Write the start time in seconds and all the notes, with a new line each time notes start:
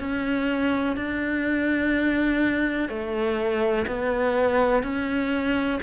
0.00 C#4
0.96 D4
2.89 A3
3.87 B3
4.83 C#4